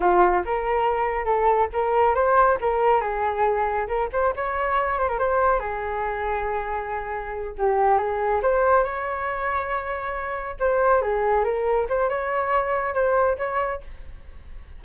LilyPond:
\new Staff \with { instrumentName = "flute" } { \time 4/4 \tempo 4 = 139 f'4 ais'2 a'4 | ais'4 c''4 ais'4 gis'4~ | gis'4 ais'8 c''8 cis''4. c''16 ais'16 | c''4 gis'2.~ |
gis'4. g'4 gis'4 c''8~ | c''8 cis''2.~ cis''8~ | cis''8 c''4 gis'4 ais'4 c''8 | cis''2 c''4 cis''4 | }